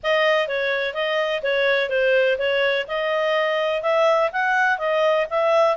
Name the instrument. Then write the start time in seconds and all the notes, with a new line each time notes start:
clarinet
0.03 D#5
0.48 C#5
0.94 D#5
1.42 C#5
1.89 C5
2.38 C#5
2.87 D#5
3.82 E5
4.32 F#5
4.78 D#5
5.30 E5